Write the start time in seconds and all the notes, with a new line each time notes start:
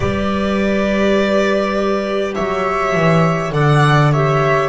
0.00 G3 G4 B4 D5
2.35 F#3 C#5 E5
2.94 E3
3.51 D3 A4 D5 F#5
4.12 G4 C#5 E5